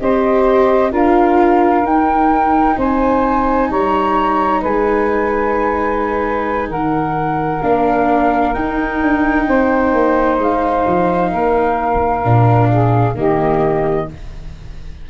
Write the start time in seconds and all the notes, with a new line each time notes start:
0.00 C4 G4 C5 D#5
0.92 D4 F4 A#4 F5
1.83 D#4 G5
2.78 C4 C5 G#5
3.71 G3 C#5 A#5
4.61 G#3 B4 G#5
6.69 D#3 A#4 F#5
7.63 A#3 D4 F5
8.53 D#4 G5
9.02 D4
9.48 C4 C5
9.93 A#3
10.39 G#3 F5
10.87 F3
11.31 A#3 A#4
12.24 A#2 D4
12.70 G#4
13.14 D#3 A#3 G4 D#5